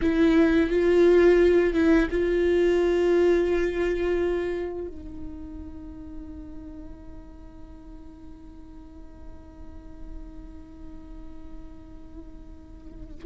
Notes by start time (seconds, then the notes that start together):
0.01 E4
0.69 F4
1.73 E4
2.10 F4
4.87 D#4